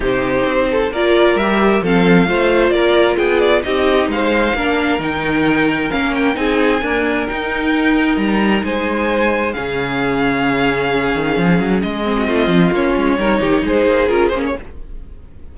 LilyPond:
<<
  \new Staff \with { instrumentName = "violin" } { \time 4/4 \tempo 4 = 132 c''2 d''4 e''4 | f''2 d''4 g''8 d''8 | dis''4 f''2 g''4~ | g''4 f''8 g''8 gis''2 |
g''2 ais''4 gis''4~ | gis''4 f''2.~ | f''2 dis''2 | cis''2 c''4 ais'8 c''16 cis''16 | }
  \new Staff \with { instrumentName = "violin" } { \time 4/4 g'4. a'8 ais'2 | a'4 c''4 ais'4 gis'4 | g'4 c''4 ais'2~ | ais'2 gis'4 ais'4~ |
ais'2. c''4~ | c''4 gis'2.~ | gis'2~ gis'8. fis'16 f'4~ | f'4 ais'8 g'8 gis'2 | }
  \new Staff \with { instrumentName = "viola" } { \time 4/4 dis'2 f'4 g'4 | c'4 f'2. | dis'2 d'4 dis'4~ | dis'4 cis'4 dis'4 ais4 |
dis'1~ | dis'4 cis'2.~ | cis'2~ cis'8 c'4. | cis'4 dis'2 f'8 cis'8 | }
  \new Staff \with { instrumentName = "cello" } { \time 4/4 c4 c'4 ais4 g4 | f4 a4 ais4 b4 | c'4 gis4 ais4 dis4~ | dis4 ais4 c'4 d'4 |
dis'2 g4 gis4~ | gis4 cis2.~ | cis8 dis8 f8 fis8 gis4 a8 f8 | ais8 gis8 g8 dis8 gis8 ais8 cis'8 ais8 | }
>>